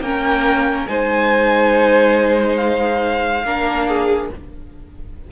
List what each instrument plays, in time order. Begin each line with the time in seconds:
0.00 cello A#3, viola C#4, violin A#4 G5
0.87 cello G#3, viola D#4, violin C5 G#5
2.56 violin F5
3.44 cello A#3, viola D4, violin A#4
3.87 violin G#4